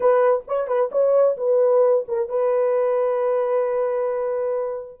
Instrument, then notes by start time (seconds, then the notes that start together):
horn
0.00 B4
0.47 C#5
0.67 B4
0.91 C#5
1.37 B4
2.08 A#4
2.29 B4